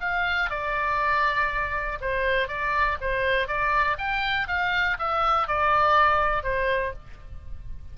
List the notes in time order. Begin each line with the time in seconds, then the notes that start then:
0.00 F5
0.50 D5
2.01 C5
2.48 D5
3.00 C5
3.48 D5
3.98 G5
4.47 F5
4.99 E5
5.47 D5
6.43 C5